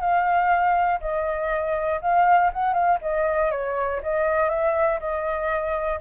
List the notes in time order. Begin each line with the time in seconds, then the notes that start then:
0.00 F5
1.00 D#5
2.01 F5
2.53 F#5
2.73 F5
3.01 D#5
3.51 C#5
4.02 D#5
4.49 E5
4.99 D#5